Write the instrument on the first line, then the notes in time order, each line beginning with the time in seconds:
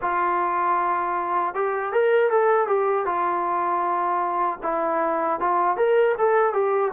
trombone
0.01 F4
1.54 G4
1.92 A#4
2.30 A4
2.67 G4
3.05 F4
4.63 E4
5.40 F4
5.77 A#4
6.17 A4
6.53 G4